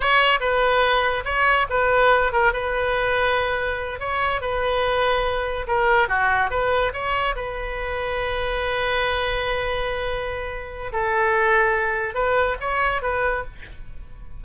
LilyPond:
\new Staff \with { instrumentName = "oboe" } { \time 4/4 \tempo 4 = 143 cis''4 b'2 cis''4 | b'4. ais'8 b'2~ | b'4. cis''4 b'4.~ | b'4. ais'4 fis'4 b'8~ |
b'8 cis''4 b'2~ b'8~ | b'1~ | b'2 a'2~ | a'4 b'4 cis''4 b'4 | }